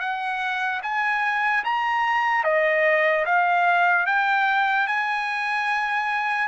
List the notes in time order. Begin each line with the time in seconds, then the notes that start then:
0.00 F#5
0.83 G#5
1.65 A#5
2.44 D#5
3.26 F5
4.07 G5
4.88 G#5